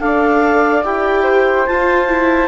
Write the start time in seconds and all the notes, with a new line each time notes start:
0.00 D4 A4 D5 F5
0.83 E4 G4 G5
1.23 C5
1.66 F4 A5
2.08 E4